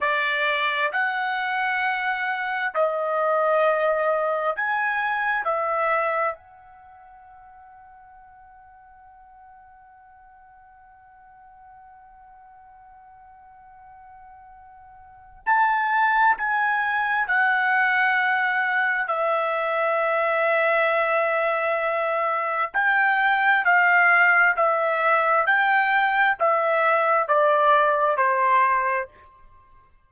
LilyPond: \new Staff \with { instrumentName = "trumpet" } { \time 4/4 \tempo 4 = 66 d''4 fis''2 dis''4~ | dis''4 gis''4 e''4 fis''4~ | fis''1~ | fis''1~ |
fis''4 a''4 gis''4 fis''4~ | fis''4 e''2.~ | e''4 g''4 f''4 e''4 | g''4 e''4 d''4 c''4 | }